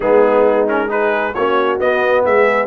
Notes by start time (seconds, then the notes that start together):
0.00 G#3 B3 D#4 G#4
0.67 C#4 A#4
0.88 D#4 G#4 B4
1.34 A#3 C#4 F#4 C#5
1.79 B3 D#5
2.25 G#3 G#4 E5